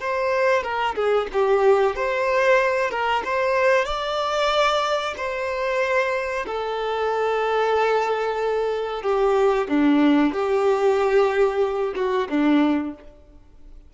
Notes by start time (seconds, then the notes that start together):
0.00 C5
0.63 A#4
0.95 G#4
1.33 G4
1.95 C5
2.90 A#4
3.25 C5
3.85 D5
5.17 C5
6.46 A4
9.03 G4
9.69 D4
10.33 G4
11.95 F#4
12.29 D4